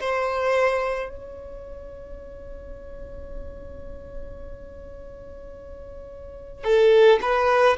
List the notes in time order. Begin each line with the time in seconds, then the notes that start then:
0.00 C5
1.10 C#5
6.64 A4
7.22 B4